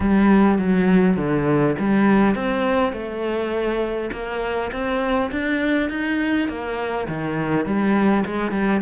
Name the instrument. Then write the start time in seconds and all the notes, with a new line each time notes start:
cello
0.00 G3
0.58 F#3
1.16 D3
1.79 G3
2.35 C4
2.93 A3
4.12 A#3
4.71 C4
5.31 D4
5.89 D#4
6.48 A#3
7.07 D#3
7.65 G3
8.25 G#3
8.51 G3